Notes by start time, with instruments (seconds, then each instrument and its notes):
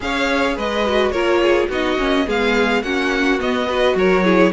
0.00 cello C#4, viola G#4, violin C#5 F5
0.56 cello G#3, violin B4 D#5
0.85 viola F#4
1.11 cello A#3, viola F4, violin A#4 C#5
1.42 violin G#4
1.69 cello B3, viola D#4, violin F#4 D#5
1.97 cello A#3, viola C#4
2.26 cello G#3, viola B3, violin G#4 F5
2.82 cello A#3, viola C#4, violin F#4 F#5
3.39 viola B3, cello B3, violin D#5
3.67 viola F#4, violin B4
3.94 cello F#3, violin A#4 C#5
4.24 viola E4, violin G#4